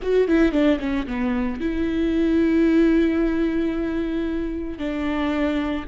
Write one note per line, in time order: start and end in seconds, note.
0.01 0.27 F#4
0.27 0.51 E4
0.51 0.78 D4
0.79 1.06 C#4
1.07 1.60 B3
1.60 4.78 E4
4.78 5.85 D4